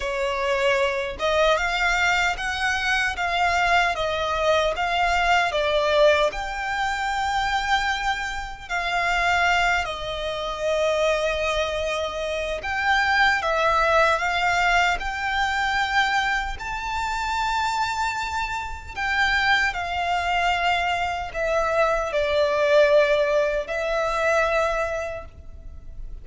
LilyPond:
\new Staff \with { instrumentName = "violin" } { \time 4/4 \tempo 4 = 76 cis''4. dis''8 f''4 fis''4 | f''4 dis''4 f''4 d''4 | g''2. f''4~ | f''8 dis''2.~ dis''8 |
g''4 e''4 f''4 g''4~ | g''4 a''2. | g''4 f''2 e''4 | d''2 e''2 | }